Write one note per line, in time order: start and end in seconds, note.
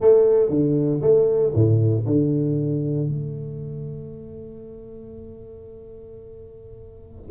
0.00 0.49 A3
0.49 1.01 D3
1.01 1.53 A3
1.54 2.05 A2
2.06 3.08 D3
3.08 7.30 A3